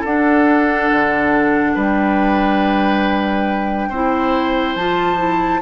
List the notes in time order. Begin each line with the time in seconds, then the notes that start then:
0.00 D4 A4 F#5
0.07 D4
0.91 D3
1.75 G3 B4 G5
3.89 C4 E4 C5
4.76 F3 F4 A5
5.17 E4